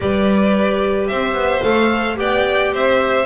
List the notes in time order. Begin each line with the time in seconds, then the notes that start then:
0.00 G3 G4 B4 D5
1.07 C4 C5 E5
1.33 B3
1.62 A3 A4 F5
2.16 B3 G4 D5 G5
2.72 C4 C5 E5